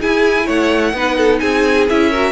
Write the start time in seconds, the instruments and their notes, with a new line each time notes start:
0.00 viola E4, cello E4, violin G#4 G#5
0.45 cello A3, violin C#5 F#5
0.93 cello B3, viola D#4, violin B4
1.16 violin A4
1.39 cello C4, violin G#4 G#5
1.89 cello C#4, viola E4, violin E5
2.10 viola F#4, violin A#4